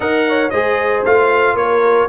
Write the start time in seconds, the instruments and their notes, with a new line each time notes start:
0.00 tuba D#4, trombone A#4, horn D#5, trumpet F#5
0.27 horn C#5
0.50 tuba G#3, trombone G#4, horn C5, trumpet D#5
1.05 tuba A3, trombone F4, trumpet F5
1.53 tuba A#3, horn A#4, trumpet C#5